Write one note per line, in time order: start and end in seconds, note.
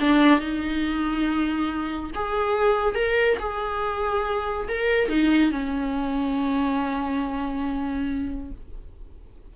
0.00 0.39 D4
0.39 2.11 D#4
2.15 2.95 G#4
2.95 3.37 A#4
3.39 4.68 G#4
4.68 5.08 A#4
5.08 5.51 D#4
5.51 8.51 C#4